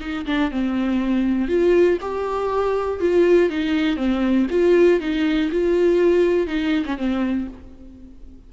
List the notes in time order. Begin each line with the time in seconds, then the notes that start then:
0.00 D#4
0.26 D4
0.51 C4
1.48 F4
2.01 G4
3.00 F4
3.50 D#4
3.96 C4
4.50 F4
5.00 D#4
5.51 F4
6.47 D#4
6.85 C#4
6.97 C4